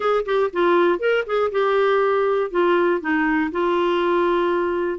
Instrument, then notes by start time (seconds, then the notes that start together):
clarinet
0.00 G#4
0.25 G4
0.53 F4
0.99 A#4
1.26 G#4
1.51 G4
2.50 F4
3.00 D#4
3.51 F4